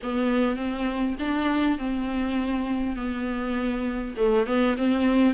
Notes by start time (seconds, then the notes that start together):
0.02 B3
0.56 C4
1.19 D4
1.78 C4
2.95 B3
4.16 A3
4.46 B3
4.77 C4